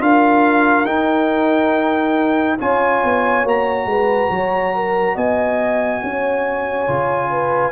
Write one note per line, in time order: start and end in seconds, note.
0.00 0.86 D4
0.00 0.86 F4
0.00 2.59 A#4
0.00 0.86 F5
0.86 2.57 D#4
0.86 2.58 D#4
0.86 2.57 G5
2.59 3.04 C#4
2.59 3.45 F4
2.59 3.88 C#5
2.59 3.47 G#5
3.04 3.44 B3
3.44 3.86 A#3
3.44 6.87 F#4
3.44 5.18 A#5
3.86 4.29 G#3
3.86 4.32 B4
4.31 5.16 F#3
4.31 4.74 C#5
4.75 5.15 A#4
5.15 6.02 B3
5.15 6.01 D#5
5.15 7.72 G#5
6.04 6.88 C#4
6.04 7.31 C#5
6.87 7.72 C#3
6.87 7.72 F4
7.31 7.72 B4